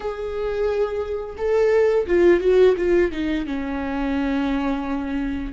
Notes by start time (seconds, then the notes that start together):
0.00 G#4
1.37 A4
2.07 F4
2.40 F#4
2.77 F4
3.11 D#4
3.45 C#4